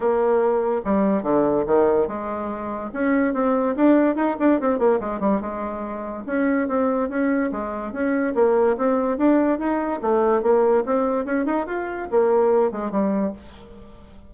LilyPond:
\new Staff \with { instrumentName = "bassoon" } { \time 4/4 \tempo 4 = 144 ais2 g4 d4 | dis4 gis2 cis'4 | c'4 d'4 dis'8 d'8 c'8 ais8 | gis8 g8 gis2 cis'4 |
c'4 cis'4 gis4 cis'4 | ais4 c'4 d'4 dis'4 | a4 ais4 c'4 cis'8 dis'8 | f'4 ais4. gis8 g4 | }